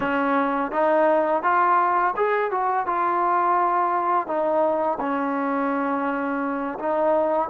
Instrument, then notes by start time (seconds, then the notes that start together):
trombone
0.00 C#4
0.71 D#4
1.43 F4
2.16 G#4
2.51 F#4
2.86 F4
4.27 D#4
4.99 C#4
6.79 D#4